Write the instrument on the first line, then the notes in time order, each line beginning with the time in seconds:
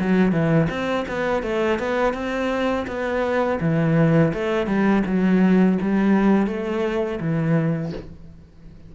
cello
0.00 F#3
0.32 E3
0.69 C4
1.08 B3
1.43 A3
1.79 B3
2.14 C4
2.87 B3
3.60 E3
4.34 A3
4.67 G3
5.06 F#3
5.81 G3
6.47 A3
7.20 E3